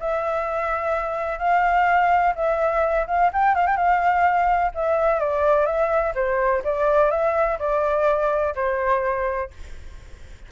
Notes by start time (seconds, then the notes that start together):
0.00 E5
1.39 F5
2.36 E5
3.07 F5
3.33 G5
3.56 F5
3.67 G5
3.77 F5
4.75 E5
5.20 D5
5.66 E5
6.16 C5
6.65 D5
7.11 E5
7.59 D5
8.56 C5